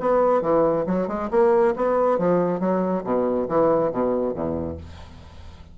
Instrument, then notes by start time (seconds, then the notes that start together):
bassoon
0.00 B3
0.42 E3
0.86 F#3
1.08 G#3
1.31 A#3
1.76 B3
2.18 F3
2.60 F#3
3.04 B2
3.48 E3
3.92 B2
4.34 E2